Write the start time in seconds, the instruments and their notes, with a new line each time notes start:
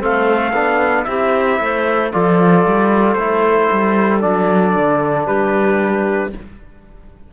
0.00 cello A3, trombone C4, clarinet A4, trumpet F5
0.53 cello B3, trombone D4
1.05 cello C4, trombone E4, clarinet G4, trumpet E5
1.60 cello A3, clarinet C5
2.12 cello F3, trombone F4, clarinet A4, trumpet D5
2.66 cello G3
3.14 cello A3, trombone E4, trumpet C5
3.72 cello G3
4.21 cello F#3, trombone D4, trumpet D5
4.76 cello D3
5.27 cello G3, clarinet G4, trumpet B4